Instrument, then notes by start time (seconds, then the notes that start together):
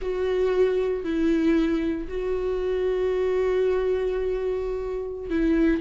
viola
0.01 F#4
1.04 E4
2.08 F#4
5.30 E4